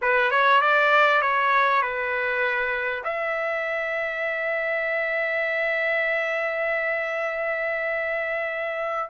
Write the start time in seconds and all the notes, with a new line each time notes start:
0.01 B4
0.30 C#5
0.61 D5
1.21 C#5
1.82 B4
3.04 E5